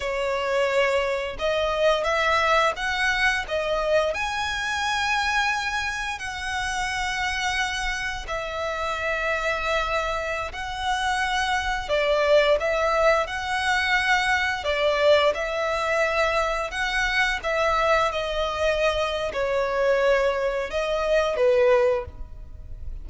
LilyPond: \new Staff \with { instrumentName = "violin" } { \time 4/4 \tempo 4 = 87 cis''2 dis''4 e''4 | fis''4 dis''4 gis''2~ | gis''4 fis''2. | e''2.~ e''16 fis''8.~ |
fis''4~ fis''16 d''4 e''4 fis''8.~ | fis''4~ fis''16 d''4 e''4.~ e''16~ | e''16 fis''4 e''4 dis''4.~ dis''16 | cis''2 dis''4 b'4 | }